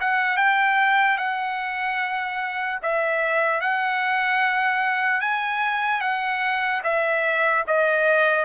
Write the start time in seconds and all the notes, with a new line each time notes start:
0.00 F#5
0.37 G5
1.17 F#5
2.82 E5
3.60 F#5
5.21 G#5
6.00 F#5
6.83 E5
7.67 D#5